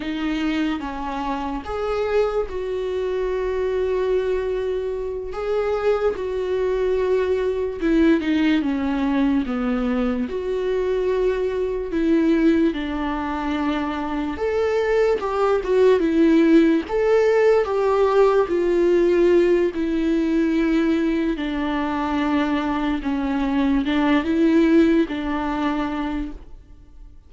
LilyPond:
\new Staff \with { instrumentName = "viola" } { \time 4/4 \tempo 4 = 73 dis'4 cis'4 gis'4 fis'4~ | fis'2~ fis'8 gis'4 fis'8~ | fis'4. e'8 dis'8 cis'4 b8~ | b8 fis'2 e'4 d'8~ |
d'4. a'4 g'8 fis'8 e'8~ | e'8 a'4 g'4 f'4. | e'2 d'2 | cis'4 d'8 e'4 d'4. | }